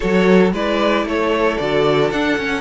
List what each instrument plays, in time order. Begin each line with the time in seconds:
0.00 cello F#3, viola F#4, violin A4 C#5
0.52 cello G#3, viola E4, violin B4 D5
1.04 cello A3, violin A4 C#5
1.57 cello D3, viola F#4, violin D5
2.10 cello D4, viola D4, violin F#5
2.37 cello C#4, viola C#4